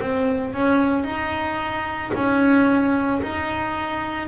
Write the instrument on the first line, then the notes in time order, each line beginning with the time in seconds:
double bass
0.00 C4
0.53 C#4
1.04 D#4
2.14 C#4
3.22 D#4